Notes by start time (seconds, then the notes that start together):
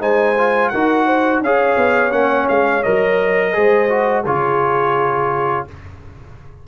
0.00 G#3 D#4 C5 G#5
0.38 F4
0.69 D#4 F#4 A#4 F#5
1.06 C5
1.41 C#4 G#4 C#5 F5
1.77 B3
2.11 A#3 C#4 F#5
2.49 G#3 F5
2.83 F#3 A#4 D#5
3.53 G#3 G#4 C5
3.89 F#4
4.24 C#3 F4 G#4 C#5